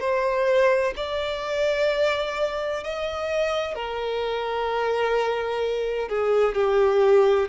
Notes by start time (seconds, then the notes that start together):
0.00 C5
0.96 D5
2.83 D#5
3.75 A#4
6.09 G#4
6.55 G4